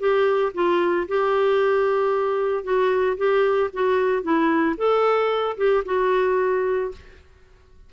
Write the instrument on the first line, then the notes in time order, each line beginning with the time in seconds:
clarinet
0.00 G4
0.55 F4
1.08 G4
2.64 F#4
3.18 G4
3.74 F#4
4.23 E4
4.78 A4
5.58 G4
5.86 F#4